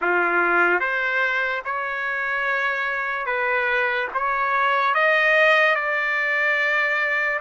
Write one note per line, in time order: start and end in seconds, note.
0.01 0.80 F4
0.80 1.62 C5
1.64 3.25 C#5
3.25 4.08 B4
4.14 4.94 C#5
4.94 5.75 D#5
5.75 7.39 D5